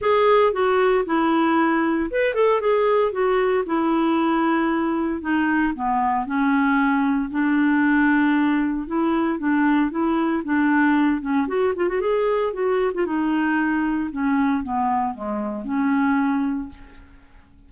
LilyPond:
\new Staff \with { instrumentName = "clarinet" } { \time 4/4 \tempo 4 = 115 gis'4 fis'4 e'2 | b'8 a'8 gis'4 fis'4 e'4~ | e'2 dis'4 b4 | cis'2 d'2~ |
d'4 e'4 d'4 e'4 | d'4. cis'8 fis'8 f'16 fis'16 gis'4 | fis'8. f'16 dis'2 cis'4 | b4 gis4 cis'2 | }